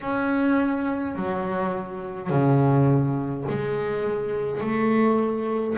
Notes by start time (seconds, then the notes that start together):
0.00 C#4
1.15 F#3
2.29 C#3
3.49 G#3
4.60 A3